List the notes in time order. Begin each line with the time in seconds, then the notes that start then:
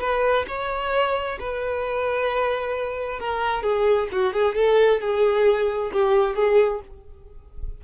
0.00 B4
0.47 C#5
1.39 B4
3.19 A#4
3.63 G#4
4.12 F#4
4.33 G#4
4.55 A4
5.00 G#4
5.92 G4
6.35 G#4